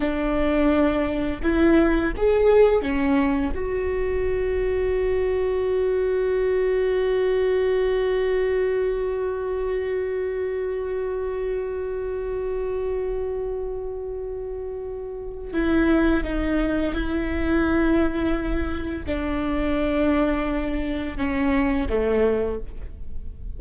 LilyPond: \new Staff \with { instrumentName = "viola" } { \time 4/4 \tempo 4 = 85 d'2 e'4 gis'4 | cis'4 fis'2.~ | fis'1~ | fis'1~ |
fis'1~ | fis'2 e'4 dis'4 | e'2. d'4~ | d'2 cis'4 a4 | }